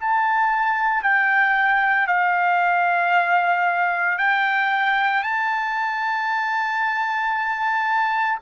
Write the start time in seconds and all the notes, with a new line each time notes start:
0.00 A5
1.03 G5
2.07 F5
4.18 G5
5.23 A5